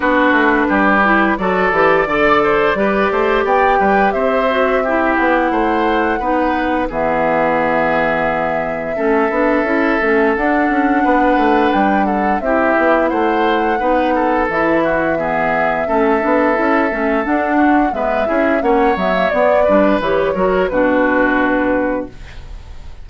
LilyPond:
<<
  \new Staff \with { instrumentName = "flute" } { \time 4/4 \tempo 4 = 87 b'2 d''2~ | d''4 g''4 e''4. fis''8~ | fis''2 e''2~ | e''2. fis''4~ |
fis''4 g''8 fis''8 e''4 fis''4~ | fis''4 e''2.~ | e''4 fis''4 e''4 fis''8 e''8 | d''4 cis''4 b'2 | }
  \new Staff \with { instrumentName = "oboe" } { \time 4/4 fis'4 g'4 a'4 d''8 c''8 | b'8 c''8 d''8 b'8 c''4 g'4 | c''4 b'4 gis'2~ | gis'4 a'2. |
b'4. a'8 g'4 c''4 | b'8 a'4 fis'8 gis'4 a'4~ | a'4. fis'8 b'8 gis'8 cis''4~ | cis''8 b'4 ais'8 fis'2 | }
  \new Staff \with { instrumentName = "clarinet" } { \time 4/4 d'4. e'8 fis'8 g'8 a'4 | g'2~ g'8 fis'8 e'4~ | e'4 dis'4 b2~ | b4 cis'8 d'8 e'8 cis'8 d'4~ |
d'2 e'2 | dis'4 e'4 b4 cis'8 d'8 | e'8 cis'8 d'4 b8 e'8 cis'8 b16 ais16 | b8 d'8 g'8 fis'8 d'2 | }
  \new Staff \with { instrumentName = "bassoon" } { \time 4/4 b8 a8 g4 fis8 e8 d4 | g8 a8 b8 g8 c'4. b8 | a4 b4 e2~ | e4 a8 b8 cis'8 a8 d'8 cis'8 |
b8 a8 g4 c'8 b8 a4 | b4 e2 a8 b8 | cis'8 a8 d'4 gis8 cis'8 ais8 fis8 | b8 g8 e8 fis8 b,2 | }
>>